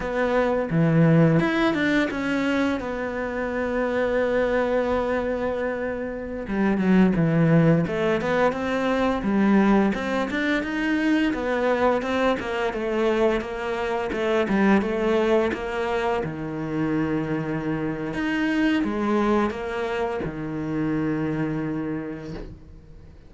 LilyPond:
\new Staff \with { instrumentName = "cello" } { \time 4/4 \tempo 4 = 86 b4 e4 e'8 d'8 cis'4 | b1~ | b4~ b16 g8 fis8 e4 a8 b16~ | b16 c'4 g4 c'8 d'8 dis'8.~ |
dis'16 b4 c'8 ais8 a4 ais8.~ | ais16 a8 g8 a4 ais4 dis8.~ | dis2 dis'4 gis4 | ais4 dis2. | }